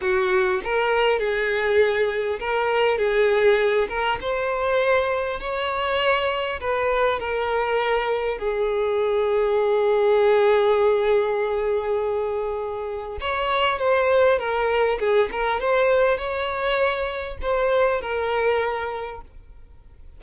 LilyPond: \new Staff \with { instrumentName = "violin" } { \time 4/4 \tempo 4 = 100 fis'4 ais'4 gis'2 | ais'4 gis'4. ais'8 c''4~ | c''4 cis''2 b'4 | ais'2 gis'2~ |
gis'1~ | gis'2 cis''4 c''4 | ais'4 gis'8 ais'8 c''4 cis''4~ | cis''4 c''4 ais'2 | }